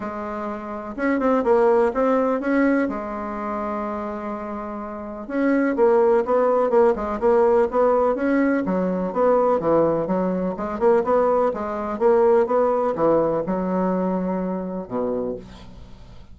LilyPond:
\new Staff \with { instrumentName = "bassoon" } { \time 4/4 \tempo 4 = 125 gis2 cis'8 c'8 ais4 | c'4 cis'4 gis2~ | gis2. cis'4 | ais4 b4 ais8 gis8 ais4 |
b4 cis'4 fis4 b4 | e4 fis4 gis8 ais8 b4 | gis4 ais4 b4 e4 | fis2. b,4 | }